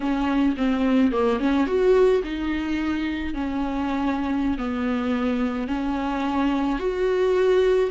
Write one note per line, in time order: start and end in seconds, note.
0.00 0.55 C#4
0.56 1.12 C4
1.12 1.39 A#3
1.39 1.67 C#4
1.67 2.22 F#4
2.23 3.34 D#4
3.34 4.57 C#4
4.57 5.67 B3
5.67 6.78 C#4
6.79 7.90 F#4